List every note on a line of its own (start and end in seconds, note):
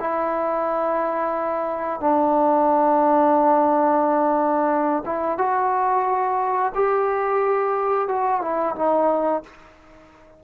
0.00 2.00 E4
2.00 5.04 D4
5.06 5.38 E4
5.38 6.73 F#4
6.75 8.08 G4
8.08 8.41 F#4
8.41 8.75 E4
8.76 9.43 D#4